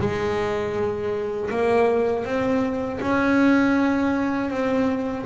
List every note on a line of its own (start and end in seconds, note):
0.00 1.50 G#3
1.50 2.25 A#3
2.25 3.00 C4
3.01 4.50 C#4
4.50 5.25 C4